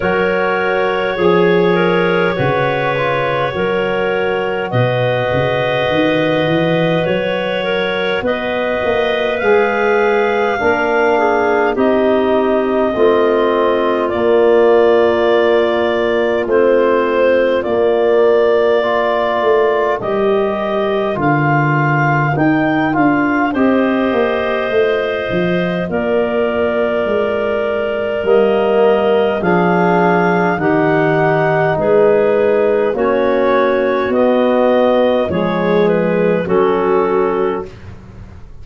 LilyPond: <<
  \new Staff \with { instrumentName = "clarinet" } { \time 4/4 \tempo 4 = 51 cis''1 | dis''2 cis''4 dis''4 | f''2 dis''2 | d''2 c''4 d''4~ |
d''4 dis''4 f''4 g''8 f''8 | dis''2 d''2 | dis''4 f''4 fis''4 b'4 | cis''4 dis''4 cis''8 b'8 a'4 | }
  \new Staff \with { instrumentName = "clarinet" } { \time 4/4 ais'4 gis'8 ais'8 b'4 ais'4 | b'2~ b'8 ais'8 b'4~ | b'4 ais'8 gis'8 g'4 f'4~ | f'1 |
ais'1 | c''2 ais'2~ | ais'4 gis'4 g'4 gis'4 | fis'2 gis'4 fis'4 | }
  \new Staff \with { instrumentName = "trombone" } { \time 4/4 fis'4 gis'4 fis'8 f'8 fis'4~ | fis'1 | gis'4 d'4 dis'4 c'4 | ais2 c'4 ais4 |
f'4 g'4 f'4 dis'8 f'8 | g'4 f'2. | ais4 d'4 dis'2 | cis'4 b4 gis4 cis'4 | }
  \new Staff \with { instrumentName = "tuba" } { \time 4/4 fis4 f4 cis4 fis4 | b,8 cis8 dis8 e8 fis4 b8 ais8 | gis4 ais4 c'4 a4 | ais2 a4 ais4~ |
ais8 a8 g4 d4 dis'8 d'8 | c'8 ais8 a8 f8 ais4 gis4 | g4 f4 dis4 gis4 | ais4 b4 f4 fis4 | }
>>